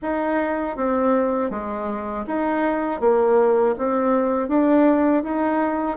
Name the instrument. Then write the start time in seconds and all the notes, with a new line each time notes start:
bassoon
0.01 D#4
0.76 C4
1.50 G#3
2.26 D#4
3.00 A#3
3.78 C4
4.48 D4
5.23 D#4